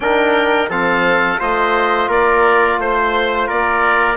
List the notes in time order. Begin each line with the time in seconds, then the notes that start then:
0.00 D#3 D4 A#4 G5
0.68 F3 C4 A4 F5
1.38 A3 F4 C5 D#5
2.08 A#3 A#4 D5
2.78 A3 C5
3.47 A#3 A#4 D5